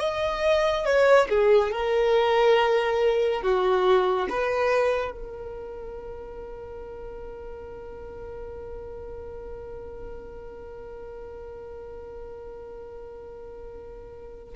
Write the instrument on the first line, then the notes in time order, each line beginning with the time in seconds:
violin
0.00 D#5
0.85 C#5
1.29 G#4
1.72 A#4
3.42 F#4
4.29 B4
5.12 A#4